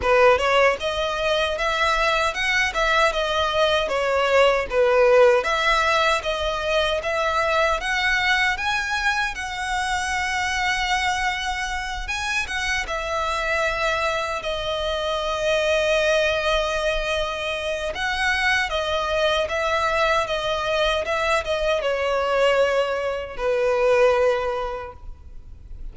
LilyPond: \new Staff \with { instrumentName = "violin" } { \time 4/4 \tempo 4 = 77 b'8 cis''8 dis''4 e''4 fis''8 e''8 | dis''4 cis''4 b'4 e''4 | dis''4 e''4 fis''4 gis''4 | fis''2.~ fis''8 gis''8 |
fis''8 e''2 dis''4.~ | dis''2. fis''4 | dis''4 e''4 dis''4 e''8 dis''8 | cis''2 b'2 | }